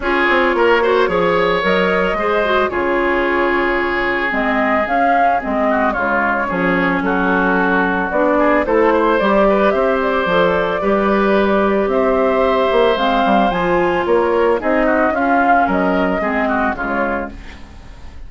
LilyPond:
<<
  \new Staff \with { instrumentName = "flute" } { \time 4/4 \tempo 4 = 111 cis''2. dis''4~ | dis''4 cis''2. | dis''4 f''4 dis''4 cis''4~ | cis''4 a'2 d''4 |
c''4 d''4 e''8 d''4.~ | d''2 e''2 | f''4 gis''4 cis''4 dis''4 | f''4 dis''2 cis''4 | }
  \new Staff \with { instrumentName = "oboe" } { \time 4/4 gis'4 ais'8 c''8 cis''2 | c''4 gis'2.~ | gis'2~ gis'8 fis'8 f'4 | gis'4 fis'2~ fis'8 gis'8 |
a'8 c''4 b'8 c''2 | b'2 c''2~ | c''2 ais'4 gis'8 fis'8 | f'4 ais'4 gis'8 fis'8 f'4 | }
  \new Staff \with { instrumentName = "clarinet" } { \time 4/4 f'4. fis'8 gis'4 ais'4 | gis'8 fis'8 f'2. | c'4 cis'4 c'4 gis4 | cis'2. d'4 |
e'4 g'2 a'4 | g'1 | c'4 f'2 dis'4 | cis'2 c'4 gis4 | }
  \new Staff \with { instrumentName = "bassoon" } { \time 4/4 cis'8 c'8 ais4 f4 fis4 | gis4 cis2. | gis4 cis'4 gis4 cis4 | f4 fis2 b4 |
a4 g4 c'4 f4 | g2 c'4. ais8 | gis8 g8 f4 ais4 c'4 | cis'4 fis4 gis4 cis4 | }
>>